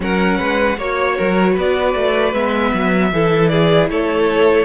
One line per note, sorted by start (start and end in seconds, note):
0.00 0.39 F#3
0.00 0.76 C#4
0.00 0.37 A#4
0.00 0.79 F#5
0.37 0.78 G#3
0.37 0.76 B4
0.77 1.17 A#3
0.77 2.34 F#4
0.77 1.16 C#5
0.77 1.57 C#5
1.16 1.57 F#3
1.16 1.51 A#4
1.51 1.94 B3
1.51 3.07 B4
1.59 2.33 D5
1.94 2.33 A3
2.33 2.72 G#3
2.33 3.12 B3
2.33 3.47 E5
2.73 3.12 F#3
3.12 3.89 E3
3.12 4.65 E4
3.12 3.51 A4
3.47 3.89 G#4
3.47 3.86 D5
3.89 4.65 A3
3.89 4.65 A4
3.89 4.65 C#5